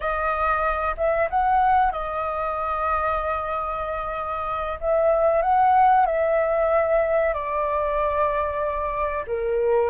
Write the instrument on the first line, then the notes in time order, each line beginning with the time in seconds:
flute
0.00 D#5
0.97 E5
1.30 F#5
1.91 D#5
4.80 E5
5.42 F#5
6.06 E5
7.33 D5
9.26 A#4